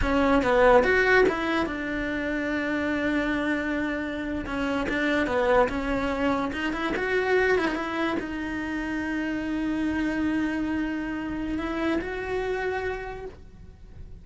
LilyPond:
\new Staff \with { instrumentName = "cello" } { \time 4/4 \tempo 4 = 145 cis'4 b4 fis'4 e'4 | d'1~ | d'2~ d'8. cis'4 d'16~ | d'8. b4 cis'2 dis'16~ |
dis'16 e'8 fis'4. e'16 dis'16 e'4 dis'16~ | dis'1~ | dis'1 | e'4 fis'2. | }